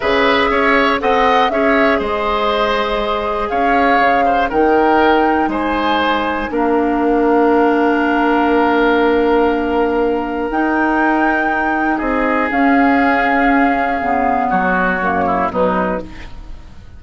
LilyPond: <<
  \new Staff \with { instrumentName = "flute" } { \time 4/4 \tempo 4 = 120 e''2 fis''4 e''4 | dis''2. f''4~ | f''4 g''2 gis''4~ | gis''4 f''2.~ |
f''1~ | f''4 g''2. | dis''4 f''2.~ | f''4 cis''2 b'4 | }
  \new Staff \with { instrumentName = "oboe" } { \time 4/4 b'4 cis''4 dis''4 cis''4 | c''2. cis''4~ | cis''8 c''8 ais'2 c''4~ | c''4 ais'2.~ |
ais'1~ | ais'1 | gis'1~ | gis'4 fis'4. e'8 dis'4 | }
  \new Staff \with { instrumentName = "clarinet" } { \time 4/4 gis'2 a'4 gis'4~ | gis'1~ | gis'4 dis'2.~ | dis'4 d'2.~ |
d'1~ | d'4 dis'2.~ | dis'4 cis'2. | b2 ais4 fis4 | }
  \new Staff \with { instrumentName = "bassoon" } { \time 4/4 cis4 cis'4 c'4 cis'4 | gis2. cis'4 | cis4 dis2 gis4~ | gis4 ais2.~ |
ais1~ | ais4 dis'2. | c'4 cis'2. | cis4 fis4 fis,4 b,4 | }
>>